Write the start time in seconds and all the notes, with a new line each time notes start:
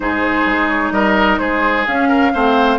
0.00 G#2 D#4 G#4 C5
0.45 G#3
0.68 C#5
0.91 G3 A#4 D#5
1.38 G#3 G#4 C5
1.86 C#4 F5
2.08 A#4
2.32 A3 C4 C5